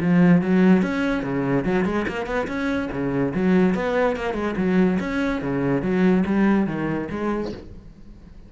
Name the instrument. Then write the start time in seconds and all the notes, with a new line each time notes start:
cello
0.00 F3
0.41 F#3
0.82 C#4
1.23 C#3
1.64 F#3
1.84 G#3
2.07 A#3
2.26 B3
2.47 C#4
2.91 C#3
3.34 F#3
3.74 B3
4.16 A#3
4.33 G#3
4.57 F#3
4.99 C#4
5.41 C#3
5.82 F#3
6.26 G3
6.66 D#3
7.10 G#3